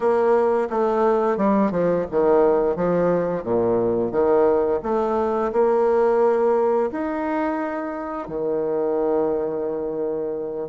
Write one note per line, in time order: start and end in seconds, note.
0.00 0.68 A#3
0.70 1.37 A3
1.37 1.71 G3
1.71 2.05 F3
2.10 2.76 D#3
2.76 3.43 F3
3.43 4.11 A#2
4.11 4.80 D#3
4.82 5.51 A3
5.52 6.90 A#3
6.91 8.28 D#4
8.28 10.69 D#3